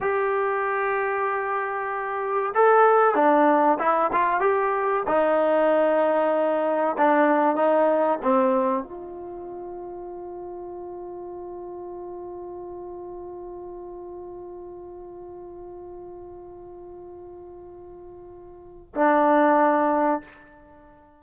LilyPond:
\new Staff \with { instrumentName = "trombone" } { \time 4/4 \tempo 4 = 95 g'1 | a'4 d'4 e'8 f'8 g'4 | dis'2. d'4 | dis'4 c'4 f'2~ |
f'1~ | f'1~ | f'1~ | f'2 d'2 | }